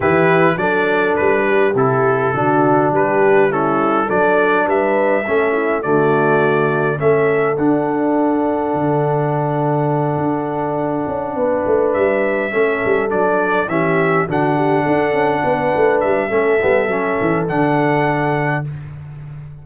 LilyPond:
<<
  \new Staff \with { instrumentName = "trumpet" } { \time 4/4 \tempo 4 = 103 b'4 d''4 b'4 a'4~ | a'4 b'4 a'4 d''4 | e''2 d''2 | e''4 fis''2.~ |
fis''1~ | fis''8 e''2 d''4 e''8~ | e''8 fis''2. e''8~ | e''2 fis''2 | }
  \new Staff \with { instrumentName = "horn" } { \time 4/4 g'4 a'4. g'4. | fis'4 g'4 e'4 a'4 | b'4 a'8 e'8 fis'2 | a'1~ |
a'2.~ a'8 b'8~ | b'4. a'2 g'8~ | g'8 fis'8 g'8 a'4 b'4. | a'1 | }
  \new Staff \with { instrumentName = "trombone" } { \time 4/4 e'4 d'2 e'4 | d'2 cis'4 d'4~ | d'4 cis'4 a2 | cis'4 d'2.~ |
d'1~ | d'4. cis'4 d'4 cis'8~ | cis'8 d'2.~ d'8 | cis'8 b8 cis'4 d'2 | }
  \new Staff \with { instrumentName = "tuba" } { \time 4/4 e4 fis4 g4 c4 | d4 g2 fis4 | g4 a4 d2 | a4 d'2 d4~ |
d4. d'4. cis'8 b8 | a8 g4 a8 g8 fis4 e8~ | e8 d4 d'8 cis'8 b8 a8 g8 | a8 g8 fis8 e8 d2 | }
>>